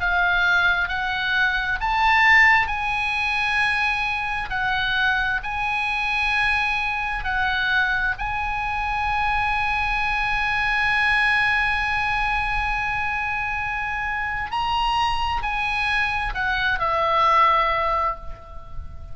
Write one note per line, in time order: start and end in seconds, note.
0.00 0.88 F5
0.88 1.79 F#5
1.80 2.67 A5
2.67 4.49 G#5
4.50 5.40 F#5
5.43 7.24 G#5
7.24 8.14 F#5
8.18 14.51 G#5
14.51 15.42 A#5
15.43 16.33 G#5
16.34 16.79 F#5
16.79 18.15 E5